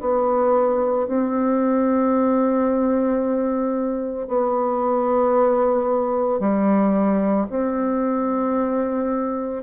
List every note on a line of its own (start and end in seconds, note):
0.00 1.07 B3
1.07 4.28 C4
4.28 6.39 B3
6.39 7.47 G3
7.50 9.63 C4